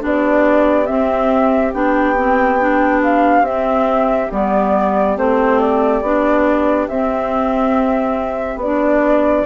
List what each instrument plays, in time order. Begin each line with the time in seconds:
0.00 bassoon B3, clarinet D4, oboe G4, flute D5
0.86 clarinet C4, bassoon C4, flute E5
1.73 bassoon B3, clarinet D4, flute G5
2.16 clarinet C4
2.60 clarinet D4
3.03 flute F5
3.41 bassoon C4, clarinet C4, flute E5
4.31 bassoon G3, clarinet B3, flute D5
5.17 bassoon A3, clarinet C4, flute C5
5.59 flute D5
6.02 bassoon B3, clarinet D4
6.88 bassoon C4, clarinet C4, flute E5
8.56 bassoon B3, flute D5
8.63 clarinet D4